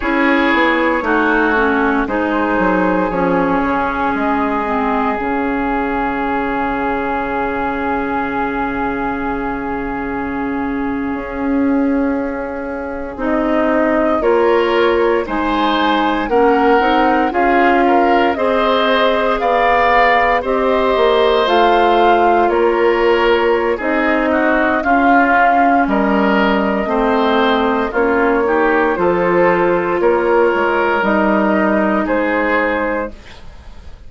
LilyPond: <<
  \new Staff \with { instrumentName = "flute" } { \time 4/4 \tempo 4 = 58 cis''2 c''4 cis''4 | dis''4 f''2.~ | f''1~ | f''8. dis''4 cis''4 gis''4 fis''16~ |
fis''8. f''4 dis''4 f''4 dis''16~ | dis''8. f''4 cis''4~ cis''16 dis''4 | f''4 dis''2 cis''4 | c''4 cis''4 dis''4 c''4 | }
  \new Staff \with { instrumentName = "oboe" } { \time 4/4 gis'4 fis'4 gis'2~ | gis'1~ | gis'1~ | gis'4.~ gis'16 ais'4 c''4 ais'16~ |
ais'8. gis'8 ais'8 c''4 d''4 c''16~ | c''4.~ c''16 ais'4~ ais'16 gis'8 fis'8 | f'4 ais'4 c''4 f'8 g'8 | a'4 ais'2 gis'4 | }
  \new Staff \with { instrumentName = "clarinet" } { \time 4/4 e'4 dis'8 cis'8 dis'4 cis'4~ | cis'8 c'8 cis'2.~ | cis'1~ | cis'8. dis'4 f'4 dis'4 cis'16~ |
cis'16 dis'8 f'4 gis'2 g'16~ | g'8. f'2~ f'16 dis'4 | cis'2 c'4 cis'8 dis'8 | f'2 dis'2 | }
  \new Staff \with { instrumentName = "bassoon" } { \time 4/4 cis'8 b8 a4 gis8 fis8 f8 cis8 | gis4 cis2.~ | cis2~ cis8. cis'4~ cis'16~ | cis'8. c'4 ais4 gis4 ais16~ |
ais16 c'8 cis'4 c'4 b4 c'16~ | c'16 ais8 a4 ais4~ ais16 c'4 | cis'4 g4 a4 ais4 | f4 ais8 gis8 g4 gis4 | }
>>